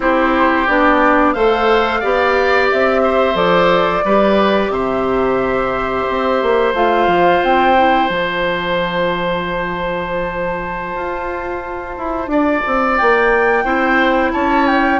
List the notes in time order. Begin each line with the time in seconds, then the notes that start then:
0.00 C4 E4 G4 C5
0.67 B3 D4 D5
1.33 A3 A4 C5 F5
2.00 B3 G4 D5
2.71 C4 E5
3.03 C5
3.34 F3 A4 D5
4.04 G3 G4 B4
4.69 C3 C5 E5
6.09 C4
6.42 A#3
6.73 A3 F4 F5
7.06 F3
7.42 C4 G5
7.76 E4
8.08 F3 F4 A5
10.95 F4
11.97 E4
12.27 D4 D5
12.66 C4
12.97 A#3 G5
13.64 C4 E4 C5
14.32 C#4 C#5 A5
14.66 G5